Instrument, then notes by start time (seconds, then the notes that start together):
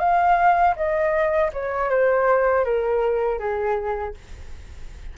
flute
0.00 F5
0.77 D#5
1.53 C#5
1.90 C5
2.65 A#4
3.40 G#4